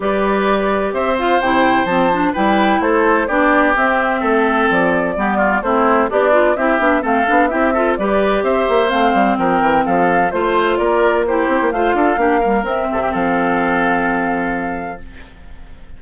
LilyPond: <<
  \new Staff \with { instrumentName = "flute" } { \time 4/4 \tempo 4 = 128 d''2 e''8 f''8 g''4 | a''4 g''4 c''4 d''4 | e''2 d''2 | c''4 d''4 e''4 f''4 |
e''4 d''4 e''4 f''4 | g''4 f''4 c''4 d''4 | c''4 f''2 e''4 | f''1 | }
  \new Staff \with { instrumentName = "oboe" } { \time 4/4 b'2 c''2~ | c''4 b'4 a'4 g'4~ | g'4 a'2 g'8 f'8 | e'4 d'4 g'4 a'4 |
g'8 a'8 b'4 c''2 | ais'4 a'4 c''4 ais'4 | g'4 c''8 a'8 g'8 ais'4 a'16 g'16 | a'1 | }
  \new Staff \with { instrumentName = "clarinet" } { \time 4/4 g'2~ g'8 f'8 e'4 | c'8 d'8 e'2 d'4 | c'2. b4 | c'4 g'8 f'8 e'8 d'8 c'8 d'8 |
e'8 f'8 g'2 c'4~ | c'2 f'2 | e'4 f'4 d'8 g8 c'4~ | c'1 | }
  \new Staff \with { instrumentName = "bassoon" } { \time 4/4 g2 c'4 c4 | f4 g4 a4 b4 | c'4 a4 f4 g4 | a4 b4 c'8 b8 a8 b8 |
c'4 g4 c'8 ais8 a8 g8 | f8 e8 f4 a4 ais4~ | ais8 c'16 ais16 a8 d'8 ais4 c'8 c8 | f1 | }
>>